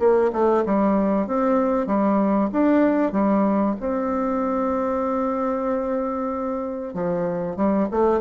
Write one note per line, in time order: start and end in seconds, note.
0.00 0.32 A#3
0.33 0.65 A3
0.66 1.27 G3
1.27 1.87 C4
1.87 2.50 G3
2.52 3.13 D4
3.13 3.76 G3
3.80 6.94 C4
6.94 7.57 F3
7.57 7.88 G3
7.91 8.21 A3